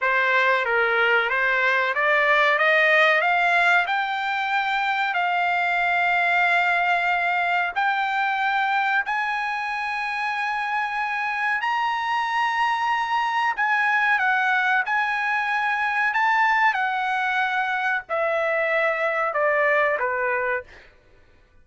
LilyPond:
\new Staff \with { instrumentName = "trumpet" } { \time 4/4 \tempo 4 = 93 c''4 ais'4 c''4 d''4 | dis''4 f''4 g''2 | f''1 | g''2 gis''2~ |
gis''2 ais''2~ | ais''4 gis''4 fis''4 gis''4~ | gis''4 a''4 fis''2 | e''2 d''4 b'4 | }